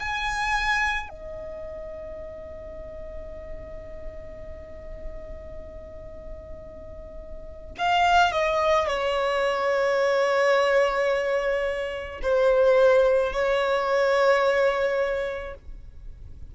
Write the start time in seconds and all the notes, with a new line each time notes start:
0.00 G#5
1.09 D#5
7.78 F5
8.32 D#5
8.87 C#5
12.22 C5
13.33 C#5